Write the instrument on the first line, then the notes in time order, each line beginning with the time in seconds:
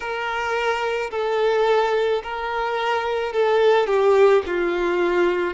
violin
0.00 A#4
1.11 A4
2.23 A#4
3.32 A4
3.86 G4
4.46 F4